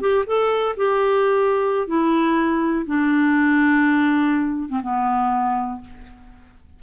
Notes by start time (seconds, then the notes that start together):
0.00 G4
0.26 A4
0.76 G4
1.87 E4
2.86 D4
4.69 C4
4.82 B3